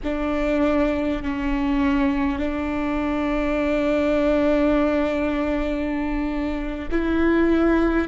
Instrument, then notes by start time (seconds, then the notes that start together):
viola
0.03 D4
1.23 C#4
2.38 D4
6.91 E4